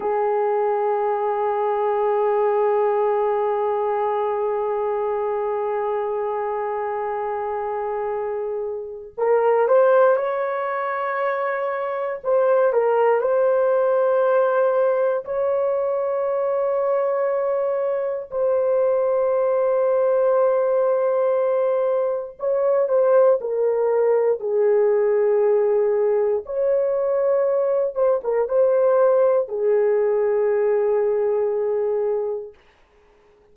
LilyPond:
\new Staff \with { instrumentName = "horn" } { \time 4/4 \tempo 4 = 59 gis'1~ | gis'1~ | gis'4 ais'8 c''8 cis''2 | c''8 ais'8 c''2 cis''4~ |
cis''2 c''2~ | c''2 cis''8 c''8 ais'4 | gis'2 cis''4. c''16 ais'16 | c''4 gis'2. | }